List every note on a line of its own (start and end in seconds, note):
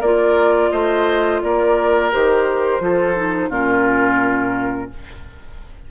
0.00 0.72 A#3
0.00 2.12 F4
0.00 0.70 A#4
0.00 0.71 D5
0.71 1.42 A3
0.71 1.42 C5
0.71 1.41 D#5
1.42 2.14 A#3
1.42 2.83 A#4
1.42 2.12 D5
2.12 2.81 D#3
2.12 2.81 G4
2.12 3.52 C5
2.81 3.50 F3
2.81 3.16 F4
2.81 3.50 A4
3.16 3.51 D#4
3.50 4.89 A#2
3.50 4.91 C#4
3.50 4.89 F4
3.50 4.92 A#4